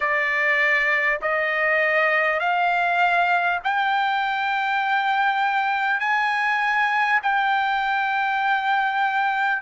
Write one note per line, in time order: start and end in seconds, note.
0.00 1.19 D5
1.21 2.39 D#5
2.39 3.59 F5
3.63 5.99 G5
5.99 7.19 G#5
7.22 9.62 G5